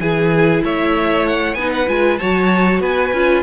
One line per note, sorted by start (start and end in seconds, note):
0.00 0.62 E3
0.00 1.58 E4
0.00 0.64 G#4
0.00 0.63 G#5
0.64 1.55 A3
0.64 1.58 C#5
0.64 1.27 E5
1.27 1.54 F#5
1.54 1.86 B3
1.54 1.88 D#4
1.54 2.20 B4
1.54 1.70 G#5
1.73 1.89 F#5
1.88 2.19 G#3
1.88 2.19 F4
1.88 2.18 G#5
2.18 2.80 F#3
2.18 3.14 F#4
2.18 2.82 C#5
2.18 2.80 A5
2.80 3.11 B3
2.80 3.43 B4
2.80 3.43 G#5
3.13 3.43 C#4
3.13 3.43 F4